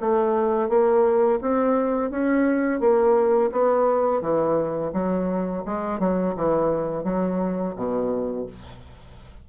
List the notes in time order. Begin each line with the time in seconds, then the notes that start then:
0.00 A3
0.68 A#3
1.41 C4
2.10 C#4
2.79 A#3
3.52 B3
4.21 E3
4.93 F#3
5.65 G#3
5.99 F#3
6.36 E3
7.03 F#3
7.75 B2